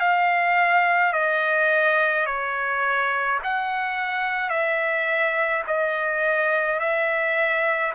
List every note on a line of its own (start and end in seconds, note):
0.00 1.12 F5
1.12 2.25 D#5
2.26 3.39 C#5
3.43 4.49 F#5
4.49 5.62 E5
5.67 6.79 D#5
6.79 7.92 E5